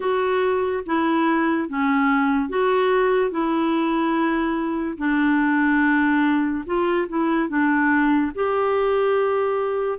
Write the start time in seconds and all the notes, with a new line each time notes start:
0.00 F#4
0.86 E4
1.68 C#4
2.49 F#4
3.30 E4
4.97 D4
6.66 F4
7.08 E4
7.48 D4
8.34 G4